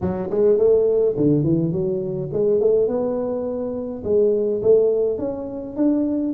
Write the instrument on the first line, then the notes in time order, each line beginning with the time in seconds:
tuba
0.01 F#3
0.30 G#3
0.58 A3
1.16 D3
1.43 E3
1.72 F#3
2.32 G#3
2.60 A3
2.87 B3
4.04 G#3
4.62 A3
5.18 C#4
5.76 D4